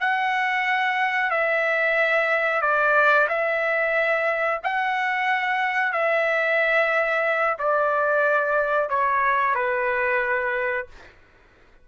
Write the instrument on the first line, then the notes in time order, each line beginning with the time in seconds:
trumpet
0.00 F#5
1.31 E5
2.61 D5
3.29 E5
4.63 F#5
5.93 E5
7.59 D5
8.90 C#5
9.55 B4